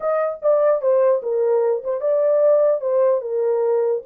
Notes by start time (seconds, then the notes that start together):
0.00 D#5
0.42 D5
0.81 C5
1.22 A#4
1.84 C5
2.00 D5
2.80 C5
3.21 A#4